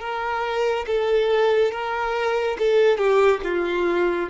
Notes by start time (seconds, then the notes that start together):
0.00 A#4
0.87 A4
1.71 A#4
2.59 A4
2.98 G4
3.44 F4